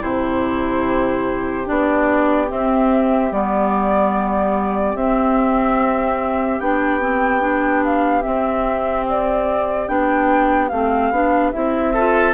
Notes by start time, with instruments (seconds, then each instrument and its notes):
0.00 bassoon C3, clarinet E4, oboe G4, flute C5
1.65 bassoon B3, clarinet D4, flute D5
2.48 clarinet C4, bassoon C4, flute E5
3.31 bassoon G3, clarinet B3, flute D5
4.95 bassoon C4, clarinet C4, flute E5
6.60 bassoon B3, clarinet D4, flute G5
7.00 clarinet C4
7.41 clarinet D4
7.84 flute F5
8.22 clarinet C4, bassoon C4, flute E5
9.09 flute D5
9.87 bassoon B3, clarinet D4, flute G5
10.68 bassoon A3, clarinet C4, flute F5
11.11 bassoon B3, clarinet D4
11.51 bassoon C4, clarinet E4, flute E5
11.93 clarinet F4, oboe A4